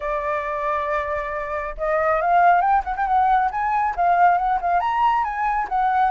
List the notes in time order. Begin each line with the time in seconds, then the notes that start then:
0.00 D5
1.77 D#5
2.21 F5
2.61 G5
2.84 F#5
2.96 G5
3.06 F#5
3.51 G#5
3.96 F5
4.37 F#5
4.61 F5
4.80 A#5
5.24 G#5
5.68 F#5